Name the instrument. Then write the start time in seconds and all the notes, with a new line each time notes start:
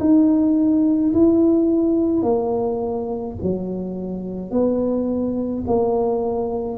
tuba
0.00 D#4
1.13 E4
2.23 A#3
3.43 F#3
4.51 B3
5.67 A#3